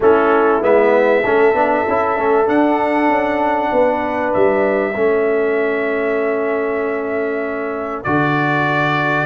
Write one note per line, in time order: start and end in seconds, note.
0.00 0.61 A3
0.00 0.61 C#4
0.00 1.22 E4
0.00 0.63 A4
0.61 1.23 G#3
0.61 1.23 B3
0.61 2.48 E5
1.22 1.53 A3
1.22 1.54 C#4
1.22 3.69 A4
1.53 1.84 B3
1.53 1.85 D4
1.87 2.17 C#4
1.87 2.16 E4
2.16 2.48 A3
2.16 2.46 C#4
2.46 4.93 D4
2.46 3.09 D4
2.46 4.33 F#5
3.09 3.70 C#4
3.72 4.33 B3
3.72 4.93 B4
4.33 4.95 G3
4.33 8.03 E5
4.93 8.04 A3
4.93 8.05 C#4
4.93 9.25 A4
8.03 9.25 D3
8.03 9.25 F#4
8.03 9.25 D5